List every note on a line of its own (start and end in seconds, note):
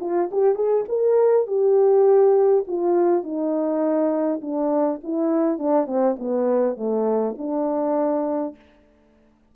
0.00 0.29 F4
0.31 0.55 G4
0.55 0.84 G#4
0.88 1.47 A#4
1.47 2.64 G4
2.67 3.23 F4
3.23 4.41 D#4
4.41 5.00 D4
5.03 5.58 E4
5.58 5.86 D4
5.86 6.16 C4
6.19 6.76 B3
6.76 7.35 A3
7.38 8.55 D4